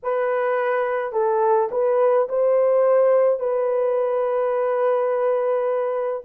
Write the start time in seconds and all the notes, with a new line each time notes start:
0.03 B4
1.12 A4
1.71 B4
2.28 C5
3.39 B4